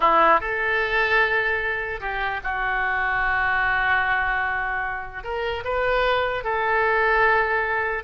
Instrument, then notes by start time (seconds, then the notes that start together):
oboe
0.00 E4
0.40 A4
2.00 G4
2.43 F#4
5.23 A#4
5.64 B4
6.44 A4